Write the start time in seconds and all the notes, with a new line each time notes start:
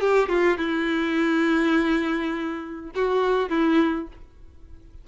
0.00 G4
0.28 F4
0.57 E4
2.94 F#4
3.49 E4